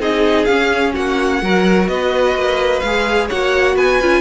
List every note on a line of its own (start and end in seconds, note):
0.00 0.47 C4
0.00 0.48 D#4
0.00 0.94 G#4
0.00 0.45 D#5
0.45 0.95 C#4
0.45 1.43 C#4
0.45 0.92 F5
0.94 1.42 A#3
0.94 1.41 F#4
0.94 1.88 F#5
1.42 1.89 F#3
1.42 2.84 F#4
1.42 1.89 A#4
1.88 2.35 B3
1.88 3.28 B4
1.88 2.80 D#5
2.36 2.83 A#3
2.80 3.30 G#3
2.80 3.27 F5
2.87 3.32 G#4
3.28 3.77 A#3
3.28 4.02 F#4
3.28 3.75 C#5
3.28 3.77 F#5
3.76 4.00 B3
3.76 4.22 B4
3.76 4.22 G#5
4.01 4.22 C#4
4.01 4.22 F4